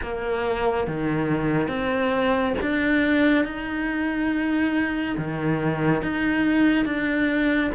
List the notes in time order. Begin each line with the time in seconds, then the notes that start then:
0.02 A#3
0.87 D#3
1.68 C4
2.61 D4
3.44 D#4
5.17 D#3
6.02 D#4
6.85 D4